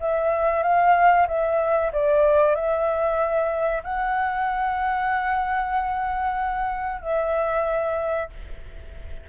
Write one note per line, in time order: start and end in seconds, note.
0.00 0.63 E5
0.63 1.27 F5
1.28 1.92 E5
1.93 2.56 D5
2.56 3.83 E5
3.84 7.02 F#5
7.02 8.29 E5